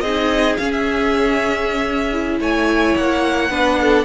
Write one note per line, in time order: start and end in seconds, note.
0.00 0.57 C4
0.00 0.60 D#4
0.00 2.39 G#4
0.00 0.56 D#5
0.57 2.40 C#4
0.57 2.12 C#4
0.57 0.71 F5
0.71 2.38 E5
2.12 3.50 E4
2.40 2.95 A3
2.40 3.50 C#5
2.40 2.97 G#5
2.96 3.50 A#3
2.96 4.05 F#5
3.50 4.05 B3
3.50 4.05 D4
3.50 3.78 B4
3.81 4.05 A4